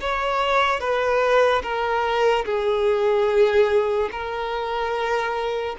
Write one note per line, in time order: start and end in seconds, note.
0.00 0.80 C#5
0.80 1.62 B4
1.63 2.45 A#4
2.45 4.09 G#4
4.11 5.76 A#4